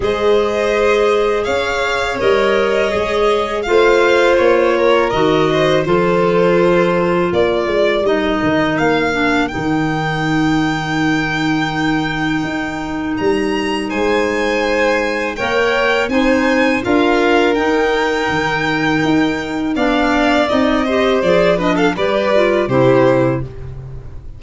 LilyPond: <<
  \new Staff \with { instrumentName = "violin" } { \time 4/4 \tempo 4 = 82 dis''2 f''4 dis''4~ | dis''4 f''4 cis''4 dis''4 | c''2 d''4 dis''4 | f''4 g''2.~ |
g''2 ais''4 gis''4~ | gis''4 g''4 gis''4 f''4 | g''2. f''4 | dis''4 d''8 dis''16 f''16 d''4 c''4 | }
  \new Staff \with { instrumentName = "violin" } { \time 4/4 c''2 cis''2~ | cis''4 c''4. ais'4 c''8 | a'2 ais'2~ | ais'1~ |
ais'2. c''4~ | c''4 cis''4 c''4 ais'4~ | ais'2. d''4~ | d''8 c''4 b'16 a'16 b'4 g'4 | }
  \new Staff \with { instrumentName = "clarinet" } { \time 4/4 gis'2. ais'4 | gis'4 f'2 fis'4 | f'2. dis'4~ | dis'8 d'8 dis'2.~ |
dis'1~ | dis'4 ais'4 dis'4 f'4 | dis'2. d'4 | dis'8 g'8 gis'8 d'8 g'8 f'8 e'4 | }
  \new Staff \with { instrumentName = "tuba" } { \time 4/4 gis2 cis'4 g4 | gis4 a4 ais4 dis4 | f2 ais8 gis8 g8 dis8 | ais4 dis2.~ |
dis4 dis'4 g4 gis4~ | gis4 ais4 c'4 d'4 | dis'4 dis4 dis'4 b4 | c'4 f4 g4 c4 | }
>>